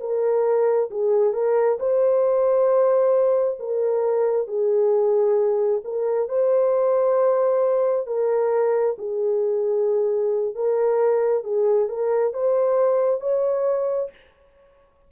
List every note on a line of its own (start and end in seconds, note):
0.00 0.90 A#4
0.90 1.33 G#4
1.33 1.78 A#4
1.79 3.58 C5
3.59 4.47 A#4
4.47 5.81 G#4
5.84 6.28 A#4
6.28 8.06 C5
8.06 8.96 A#4
8.98 10.55 G#4
10.55 11.43 A#4
11.43 11.88 G#4
11.88 12.33 A#4
12.33 13.20 C5
13.20 14.10 C#5